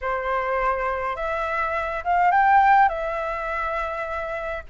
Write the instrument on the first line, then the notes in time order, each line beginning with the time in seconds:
flute
0.01 C5
1.16 E5
2.04 F5
2.31 G5
2.88 E5